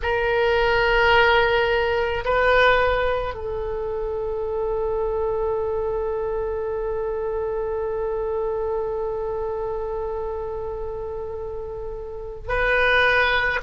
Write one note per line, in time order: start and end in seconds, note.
0.02 2.24 A#4
2.25 3.34 B4
3.34 12.48 A4
12.48 13.59 B4